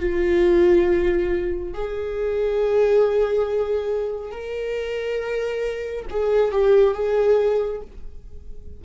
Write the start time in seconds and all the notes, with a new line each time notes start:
0.00 F4
1.74 G#4
4.32 A#4
6.11 G#4
6.52 G4
6.94 G#4